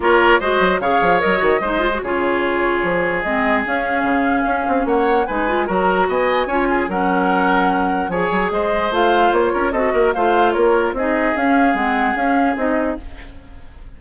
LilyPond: <<
  \new Staff \with { instrumentName = "flute" } { \time 4/4 \tempo 4 = 148 cis''4 dis''4 f''4 dis''4~ | dis''4 cis''2. | dis''4 f''2. | fis''4 gis''4 ais''4 gis''4~ |
gis''4 fis''2. | gis''4 dis''4 f''4 cis''4 | dis''4 f''4 cis''4 dis''4 | f''4 fis''4 f''4 dis''4 | }
  \new Staff \with { instrumentName = "oboe" } { \time 4/4 ais'4 c''4 cis''2 | c''4 gis'2.~ | gis'1 | cis''4 b'4 ais'4 dis''4 |
cis''8 gis'8 ais'2. | cis''4 c''2~ c''8 ais'8 | a'8 ais'8 c''4 ais'4 gis'4~ | gis'1 | }
  \new Staff \with { instrumentName = "clarinet" } { \time 4/4 f'4 fis'4 gis'4 ais'8 fis'8 | dis'8 f'16 fis'16 f'2. | c'4 cis'2.~ | cis'4 dis'8 f'8 fis'2 |
f'4 cis'2. | gis'2 f'2 | fis'4 f'2 dis'4 | cis'4 c'4 cis'4 dis'4 | }
  \new Staff \with { instrumentName = "bassoon" } { \time 4/4 ais4 gis8 fis8 cis8 f8 fis8 dis8 | gis4 cis2 f4 | gis4 cis'4 cis4 cis'8 c'8 | ais4 gis4 fis4 b4 |
cis'4 fis2. | f8 fis8 gis4 a4 ais8 cis'8 | c'8 ais8 a4 ais4 c'4 | cis'4 gis4 cis'4 c'4 | }
>>